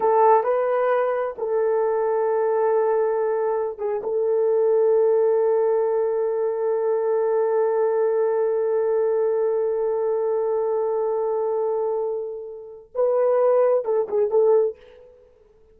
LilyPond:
\new Staff \with { instrumentName = "horn" } { \time 4/4 \tempo 4 = 130 a'4 b'2 a'4~ | a'1~ | a'16 gis'8 a'2.~ a'16~ | a'1~ |
a'1~ | a'1~ | a'1 | b'2 a'8 gis'8 a'4 | }